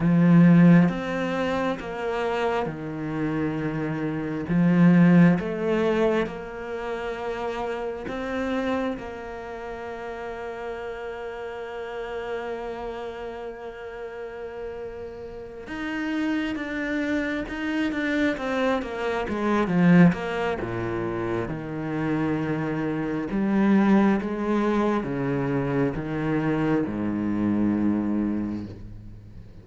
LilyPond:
\new Staff \with { instrumentName = "cello" } { \time 4/4 \tempo 4 = 67 f4 c'4 ais4 dis4~ | dis4 f4 a4 ais4~ | ais4 c'4 ais2~ | ais1~ |
ais4. dis'4 d'4 dis'8 | d'8 c'8 ais8 gis8 f8 ais8 ais,4 | dis2 g4 gis4 | cis4 dis4 gis,2 | }